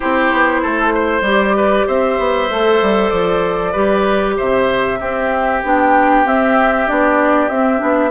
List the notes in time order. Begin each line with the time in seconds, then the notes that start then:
0.00 C4 E4 G4 C5
0.32 B3
0.62 A3 A4
0.94 C5
1.21 G3 G4
1.27 D5
1.56 B4
1.87 C4 C5 E5
2.18 B3
2.49 A3 A4
2.81 G3
3.09 F3 D5
3.71 G3 G4 B4
4.36 C3 C5 E5
4.99 C4 G4
5.63 B3 D4 G5
6.25 C4 E5
6.87 B3 D4 D5
7.49 C4 E5
7.78 B3 D4